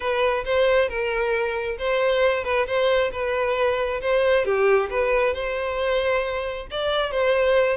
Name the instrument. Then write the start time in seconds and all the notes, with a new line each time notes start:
violin
0.00 B4
0.44 C5
0.88 A#4
1.78 C5
2.44 B4
2.66 C5
3.12 B4
4.01 C5
4.45 G4
4.90 B4
5.34 C5
6.71 D5
7.11 C5